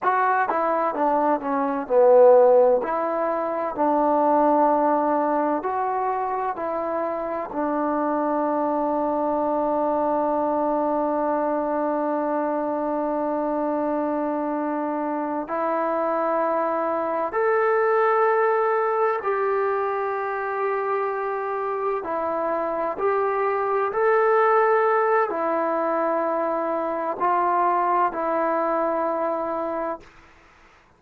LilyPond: \new Staff \with { instrumentName = "trombone" } { \time 4/4 \tempo 4 = 64 fis'8 e'8 d'8 cis'8 b4 e'4 | d'2 fis'4 e'4 | d'1~ | d'1~ |
d'8 e'2 a'4.~ | a'8 g'2. e'8~ | e'8 g'4 a'4. e'4~ | e'4 f'4 e'2 | }